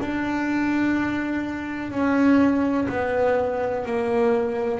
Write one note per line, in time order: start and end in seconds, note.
0.00 1.90 D4
1.90 2.87 C#4
2.89 3.85 B3
3.85 4.80 A#3